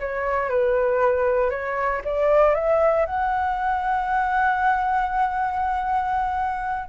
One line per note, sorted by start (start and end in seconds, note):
0.00 0.50 C#5
0.50 1.50 B4
1.50 2.01 C#5
2.05 2.55 D5
2.55 3.06 E5
3.06 6.89 F#5